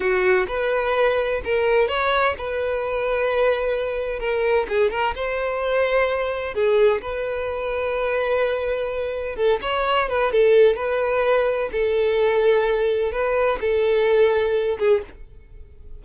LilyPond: \new Staff \with { instrumentName = "violin" } { \time 4/4 \tempo 4 = 128 fis'4 b'2 ais'4 | cis''4 b'2.~ | b'4 ais'4 gis'8 ais'8 c''4~ | c''2 gis'4 b'4~ |
b'1 | a'8 cis''4 b'8 a'4 b'4~ | b'4 a'2. | b'4 a'2~ a'8 gis'8 | }